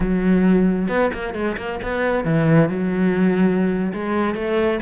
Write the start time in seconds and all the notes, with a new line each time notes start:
0.00 F#3
0.88 B3
1.13 A#3
1.34 G#3
1.57 A#3
1.83 B3
2.24 E3
2.69 F#3
3.93 G#3
4.34 A3